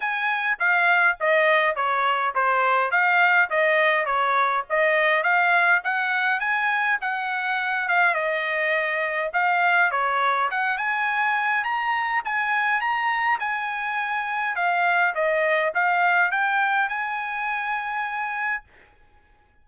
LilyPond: \new Staff \with { instrumentName = "trumpet" } { \time 4/4 \tempo 4 = 103 gis''4 f''4 dis''4 cis''4 | c''4 f''4 dis''4 cis''4 | dis''4 f''4 fis''4 gis''4 | fis''4. f''8 dis''2 |
f''4 cis''4 fis''8 gis''4. | ais''4 gis''4 ais''4 gis''4~ | gis''4 f''4 dis''4 f''4 | g''4 gis''2. | }